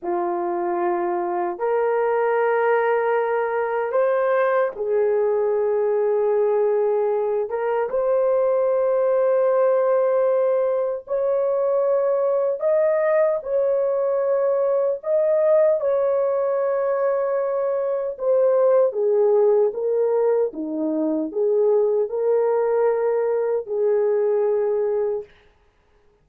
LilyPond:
\new Staff \with { instrumentName = "horn" } { \time 4/4 \tempo 4 = 76 f'2 ais'2~ | ais'4 c''4 gis'2~ | gis'4. ais'8 c''2~ | c''2 cis''2 |
dis''4 cis''2 dis''4 | cis''2. c''4 | gis'4 ais'4 dis'4 gis'4 | ais'2 gis'2 | }